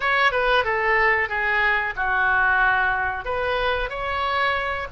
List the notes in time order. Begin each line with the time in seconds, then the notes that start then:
0.00 C#5
0.31 B4
0.64 A4
1.28 G#4
1.96 F#4
3.24 B4
3.89 C#5